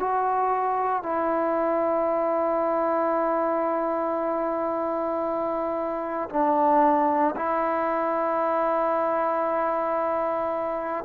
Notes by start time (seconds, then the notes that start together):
0.00 F#4
1.03 E4
6.30 D4
7.36 E4